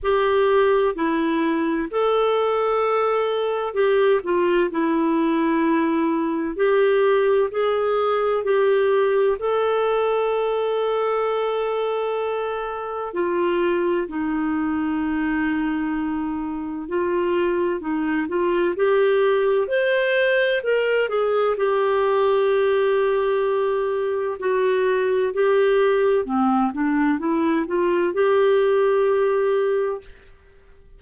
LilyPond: \new Staff \with { instrumentName = "clarinet" } { \time 4/4 \tempo 4 = 64 g'4 e'4 a'2 | g'8 f'8 e'2 g'4 | gis'4 g'4 a'2~ | a'2 f'4 dis'4~ |
dis'2 f'4 dis'8 f'8 | g'4 c''4 ais'8 gis'8 g'4~ | g'2 fis'4 g'4 | c'8 d'8 e'8 f'8 g'2 | }